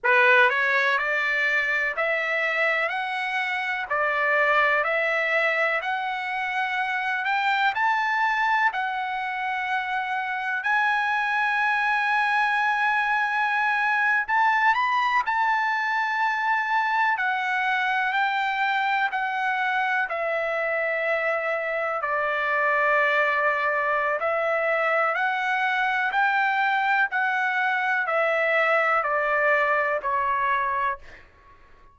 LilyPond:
\new Staff \with { instrumentName = "trumpet" } { \time 4/4 \tempo 4 = 62 b'8 cis''8 d''4 e''4 fis''4 | d''4 e''4 fis''4. g''8 | a''4 fis''2 gis''4~ | gis''2~ gis''8. a''8 b''8 a''16~ |
a''4.~ a''16 fis''4 g''4 fis''16~ | fis''8. e''2 d''4~ d''16~ | d''4 e''4 fis''4 g''4 | fis''4 e''4 d''4 cis''4 | }